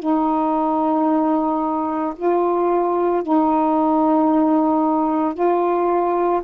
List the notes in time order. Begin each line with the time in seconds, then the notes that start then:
0.00 D#4
2.16 F4
3.23 D#4
5.34 F4